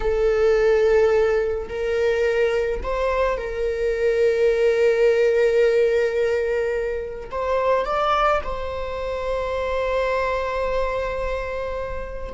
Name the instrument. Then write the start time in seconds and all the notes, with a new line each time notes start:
viola
0.00 A4
1.68 A#4
2.83 C5
3.37 A#4
7.30 C5
7.85 D5
8.43 C5